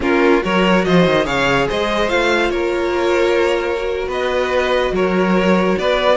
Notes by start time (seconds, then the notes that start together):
0.00 A#3 C#4 F4 A#4
0.40 F#3 F#4 A#4 C#5
0.84 F3 C5 D#5
1.05 D#3
1.24 C#3 G#4 C#5 F5
1.68 G#3 C5 D#5
2.08 A3 F4 F5
2.50 A#3 A#4 C#5
3.77 F#4
4.07 B3 B4 D#5
4.91 F#3 A#4 C#5
5.78 B3 B4 D5